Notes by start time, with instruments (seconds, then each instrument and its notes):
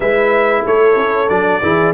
0.00 tuba G#3, trombone E4, horn B4, trumpet E5
0.66 tuba A3, horn A4, trumpet C#5
0.96 tuba C#4
1.28 tuba F#3, trombone D4, trumpet D5
1.62 tuba E3, trombone E4, horn G#4